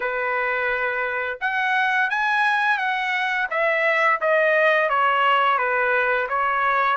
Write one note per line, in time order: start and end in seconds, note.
0.00 1.39 B4
1.40 2.10 F#5
2.10 2.77 G#5
2.77 3.47 F#5
3.50 4.20 E5
4.20 4.89 D#5
4.89 5.58 C#5
5.58 6.27 B4
6.29 6.96 C#5